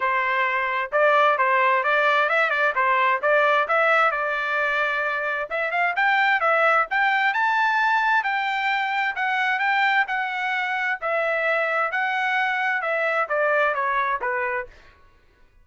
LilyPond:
\new Staff \with { instrumentName = "trumpet" } { \time 4/4 \tempo 4 = 131 c''2 d''4 c''4 | d''4 e''8 d''8 c''4 d''4 | e''4 d''2. | e''8 f''8 g''4 e''4 g''4 |
a''2 g''2 | fis''4 g''4 fis''2 | e''2 fis''2 | e''4 d''4 cis''4 b'4 | }